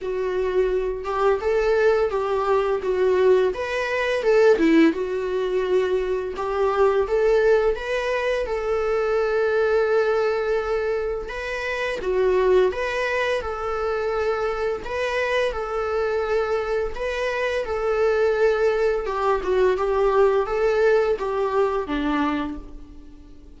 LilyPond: \new Staff \with { instrumentName = "viola" } { \time 4/4 \tempo 4 = 85 fis'4. g'8 a'4 g'4 | fis'4 b'4 a'8 e'8 fis'4~ | fis'4 g'4 a'4 b'4 | a'1 |
b'4 fis'4 b'4 a'4~ | a'4 b'4 a'2 | b'4 a'2 g'8 fis'8 | g'4 a'4 g'4 d'4 | }